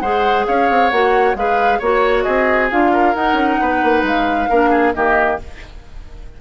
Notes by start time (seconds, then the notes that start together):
0.00 G#3 G#4 C5 F#5
0.46 C#4 C#5 F5
0.70 C4
0.90 A#3 F#4 F#5
1.35 G#3 G#4 B4 F5
1.79 A#3 F#4 C#5
2.23 C4 G#4 D#5
2.70 D4 F4 F5
2.93 A#4
3.15 D#4 F#5
3.33 C#4
3.61 B3 B4
3.83 A#3
4.03 G#3 F5
4.49 A#3 D4 A#4
4.70 G#4
4.94 D#3 A#3 G4 D#5